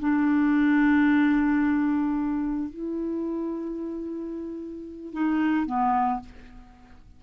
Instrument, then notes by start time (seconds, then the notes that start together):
clarinet
0.00 D4
2.70 E4
5.14 D#4
5.66 B3